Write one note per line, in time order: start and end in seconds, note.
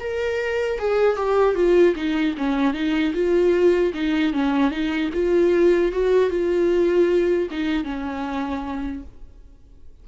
0.00 0.79 A#4
0.79 1.17 G#4
1.17 1.55 G4
1.55 1.95 F4
1.96 2.35 D#4
2.38 2.74 C#4
2.74 3.13 D#4
3.14 3.93 F4
3.94 4.33 D#4
4.33 4.71 C#4
4.71 5.10 D#4
5.14 5.92 F4
5.92 6.30 F#4
6.30 7.49 F4
7.51 7.84 D#4
7.84 9.03 C#4